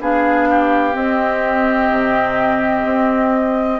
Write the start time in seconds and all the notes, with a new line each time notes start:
0.00 B3 D4 G#4 F5
0.50 G4
0.93 C4 D#5
1.91 C3
2.85 C4